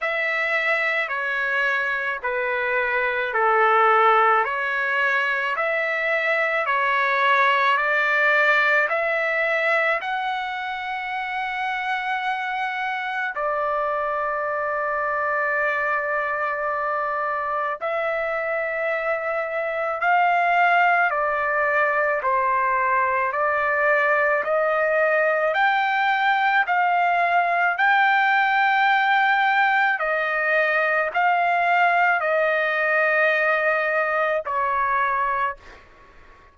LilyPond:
\new Staff \with { instrumentName = "trumpet" } { \time 4/4 \tempo 4 = 54 e''4 cis''4 b'4 a'4 | cis''4 e''4 cis''4 d''4 | e''4 fis''2. | d''1 |
e''2 f''4 d''4 | c''4 d''4 dis''4 g''4 | f''4 g''2 dis''4 | f''4 dis''2 cis''4 | }